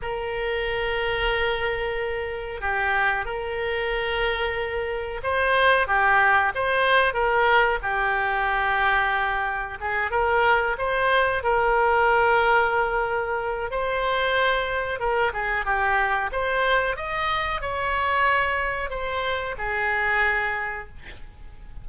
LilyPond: \new Staff \with { instrumentName = "oboe" } { \time 4/4 \tempo 4 = 92 ais'1 | g'4 ais'2. | c''4 g'4 c''4 ais'4 | g'2. gis'8 ais'8~ |
ais'8 c''4 ais'2~ ais'8~ | ais'4 c''2 ais'8 gis'8 | g'4 c''4 dis''4 cis''4~ | cis''4 c''4 gis'2 | }